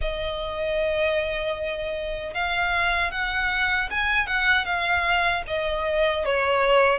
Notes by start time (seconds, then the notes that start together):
0.01 D#5
2.34 F5
3.11 F#5
3.90 G#5
4.26 F#5
4.65 F5
5.47 D#5
6.25 C#5